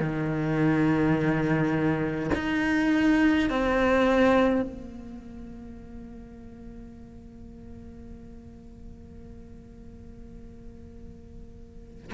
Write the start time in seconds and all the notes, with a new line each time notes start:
0.00 D#3
2.34 D#4
3.50 C4
4.62 A#3